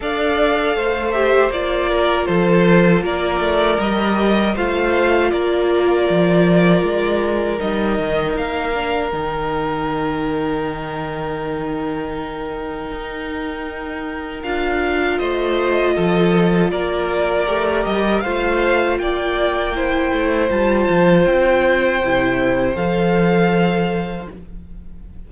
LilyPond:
<<
  \new Staff \with { instrumentName = "violin" } { \time 4/4 \tempo 4 = 79 f''4. e''8 d''4 c''4 | d''4 dis''4 f''4 d''4~ | d''2 dis''4 f''4 | g''1~ |
g''2. f''4 | dis''2 d''4. dis''8 | f''4 g''2 a''4 | g''2 f''2 | }
  \new Staff \with { instrumentName = "violin" } { \time 4/4 d''4 c''4. ais'8 a'4 | ais'2 c''4 ais'4~ | ais'1~ | ais'1~ |
ais'1 | c''4 a'4 ais'2 | c''4 d''4 c''2~ | c''1 | }
  \new Staff \with { instrumentName = "viola" } { \time 4/4 a'4. g'8 f'2~ | f'4 g'4 f'2~ | f'2 dis'4. d'8 | dis'1~ |
dis'2. f'4~ | f'2. g'4 | f'2 e'4 f'4~ | f'4 e'4 a'2 | }
  \new Staff \with { instrumentName = "cello" } { \time 4/4 d'4 a4 ais4 f4 | ais8 a8 g4 a4 ais4 | f4 gis4 g8 dis8 ais4 | dis1~ |
dis4 dis'2 d'4 | a4 f4 ais4 a8 g8 | a4 ais4. a8 g8 f8 | c'4 c4 f2 | }
>>